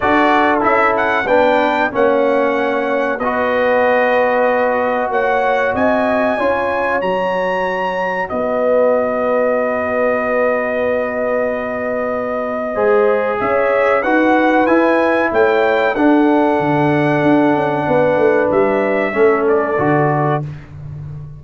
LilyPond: <<
  \new Staff \with { instrumentName = "trumpet" } { \time 4/4 \tempo 4 = 94 d''4 e''8 fis''8 g''4 fis''4~ | fis''4 dis''2. | fis''4 gis''2 ais''4~ | ais''4 dis''2.~ |
dis''1~ | dis''4 e''4 fis''4 gis''4 | g''4 fis''2.~ | fis''4 e''4. d''4. | }
  \new Staff \with { instrumentName = "horn" } { \time 4/4 a'2 b'4 cis''4~ | cis''4 b'2. | cis''4 dis''4 cis''2~ | cis''4 b'2.~ |
b'1 | c''4 cis''4 b'2 | cis''4 a'2. | b'2 a'2 | }
  \new Staff \with { instrumentName = "trombone" } { \time 4/4 fis'4 e'4 d'4 cis'4~ | cis'4 fis'2.~ | fis'2 f'4 fis'4~ | fis'1~ |
fis'1 | gis'2 fis'4 e'4~ | e'4 d'2.~ | d'2 cis'4 fis'4 | }
  \new Staff \with { instrumentName = "tuba" } { \time 4/4 d'4 cis'4 b4 ais4~ | ais4 b2. | ais4 c'4 cis'4 fis4~ | fis4 b2.~ |
b1 | gis4 cis'4 dis'4 e'4 | a4 d'4 d4 d'8 cis'8 | b8 a8 g4 a4 d4 | }
>>